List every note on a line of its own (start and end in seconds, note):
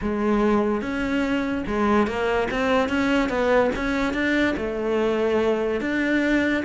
0.01 0.81 G#3
0.81 1.64 C#4
1.66 2.07 G#3
2.07 2.48 A#3
2.50 2.88 C4
2.88 3.29 C#4
3.29 3.70 B3
3.75 4.13 C#4
4.13 4.54 D4
4.56 5.80 A3
5.80 6.63 D4